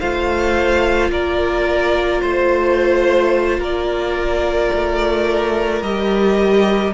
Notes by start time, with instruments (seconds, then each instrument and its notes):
0.00 cello A3, viola F4, violin C5 F5
1.11 cello A#3, violin A#4 D5
2.22 cello A3, violin C5
3.59 cello A#3, violin A#4 D5
4.74 cello A3
5.82 cello G3, viola G4, violin D#5